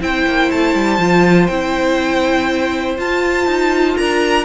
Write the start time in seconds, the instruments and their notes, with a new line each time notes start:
0.00 cello C4, viola E4, violin C5 G5
0.26 cello A#3
0.51 cello A3, violin A5
0.75 cello G3
0.98 cello F3, viola F4
1.46 cello C4, viola E4, violin G5
2.96 viola F4, cello F4, violin A5
3.46 cello D#4
3.97 cello D4, violin A#4 A#5